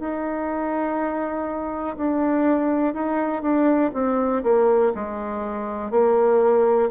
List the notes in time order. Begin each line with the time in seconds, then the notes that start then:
0.00 D#4
1.97 D4
2.94 D#4
3.42 D4
3.93 C4
4.43 A#3
4.95 G#3
5.91 A#3